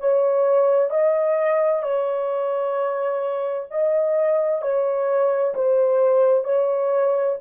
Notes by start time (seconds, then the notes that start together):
0.00 C#5
0.91 D#5
1.83 C#5
3.71 D#5
4.62 C#5
5.55 C5
6.45 C#5